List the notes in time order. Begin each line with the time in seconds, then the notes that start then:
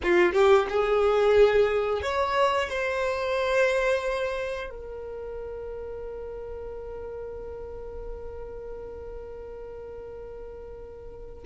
0.03 F4
0.32 G4
0.69 G#4
2.02 C#5
2.69 C5
4.69 A#4